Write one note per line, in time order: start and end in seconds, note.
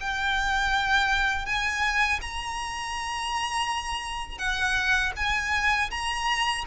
0.00 1.45 G5
1.45 2.20 G#5
2.21 4.38 A#5
4.38 5.12 F#5
5.16 5.90 G#5
5.90 6.64 A#5